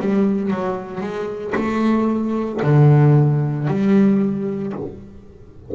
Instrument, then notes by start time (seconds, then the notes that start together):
double bass
0.00 G3
0.51 F#3
1.00 G#3
1.55 A3
2.63 D3
3.68 G3